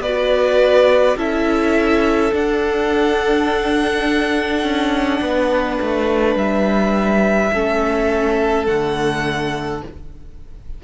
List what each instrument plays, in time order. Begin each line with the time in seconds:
0.00 cello B3, viola F#4, violin B4 D5
1.17 cello C#4, viola E4, violin A4 E5
2.32 viola D4, cello D4, violin F#5
4.63 cello C#4
5.21 cello B3, violin B4
5.82 cello A3
6.36 cello G3, violin E5
7.53 cello A3, viola C#4, violin A4
8.67 cello D3, viola A3, violin F#5